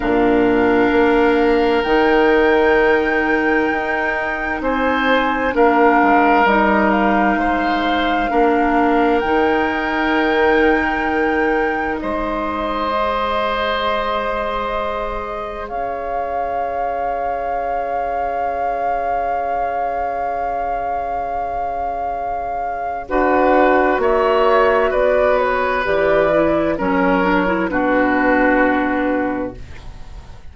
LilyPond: <<
  \new Staff \with { instrumentName = "flute" } { \time 4/4 \tempo 4 = 65 f''2 g''2~ | g''4 gis''4 f''4 dis''8 f''8~ | f''2 g''2~ | g''4 dis''2.~ |
dis''4 f''2.~ | f''1~ | f''4 fis''4 e''4 d''8 cis''8 | d''4 cis''4 b'2 | }
  \new Staff \with { instrumentName = "oboe" } { \time 4/4 ais'1~ | ais'4 c''4 ais'2 | c''4 ais'2.~ | ais'4 c''2.~ |
c''4 cis''2.~ | cis''1~ | cis''4 b'4 cis''4 b'4~ | b'4 ais'4 fis'2 | }
  \new Staff \with { instrumentName = "clarinet" } { \time 4/4 d'2 dis'2~ | dis'2 d'4 dis'4~ | dis'4 d'4 dis'2~ | dis'2 gis'2~ |
gis'1~ | gis'1~ | gis'4 fis'2. | g'8 e'8 cis'8 d'16 e'16 d'2 | }
  \new Staff \with { instrumentName = "bassoon" } { \time 4/4 ais,4 ais4 dis2 | dis'4 c'4 ais8 gis8 g4 | gis4 ais4 dis2~ | dis4 gis2.~ |
gis4 cis'2.~ | cis'1~ | cis'4 d'4 ais4 b4 | e4 fis4 b,2 | }
>>